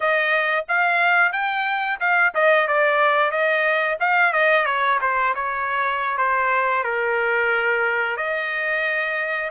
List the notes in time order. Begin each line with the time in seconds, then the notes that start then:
0.00 D#5
0.68 F5
1.32 G5
2.00 F5
2.34 D#5
2.67 D5
3.31 D#5
3.99 F5
4.32 D#5
4.65 C#5
5.01 C5
5.34 C#5
6.17 C5
6.83 A#4
8.17 D#5